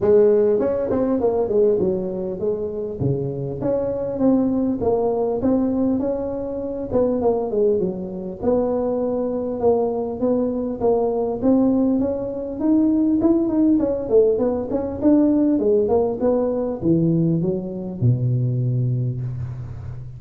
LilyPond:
\new Staff \with { instrumentName = "tuba" } { \time 4/4 \tempo 4 = 100 gis4 cis'8 c'8 ais8 gis8 fis4 | gis4 cis4 cis'4 c'4 | ais4 c'4 cis'4. b8 | ais8 gis8 fis4 b2 |
ais4 b4 ais4 c'4 | cis'4 dis'4 e'8 dis'8 cis'8 a8 | b8 cis'8 d'4 gis8 ais8 b4 | e4 fis4 b,2 | }